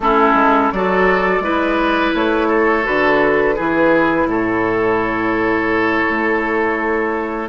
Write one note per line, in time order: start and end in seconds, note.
0.00 0.33 A3
0.00 0.74 C#4
0.00 0.73 E4
0.00 0.71 A4
0.33 0.69 G#3
0.71 1.39 F#3
0.71 1.42 F#4
0.71 1.43 A4
0.71 2.14 D5
1.39 2.11 G#3
1.39 2.83 E4
1.39 2.48 B4
2.14 2.86 A3
2.14 2.86 C#5
2.48 3.55 A4
2.83 3.58 D3
2.83 3.55 F#4
2.83 4.29 B4
3.55 4.26 E3
3.55 7.48 E4
3.55 4.27 G#4
4.26 6.04 A2
4.26 7.48 A4
4.26 7.48 C#5
6.09 7.48 A3